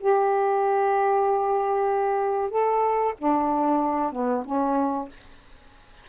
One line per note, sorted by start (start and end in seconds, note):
0.00 2.50 G4
2.50 3.14 A4
3.18 4.12 D4
4.12 4.44 B3
4.45 5.09 C#4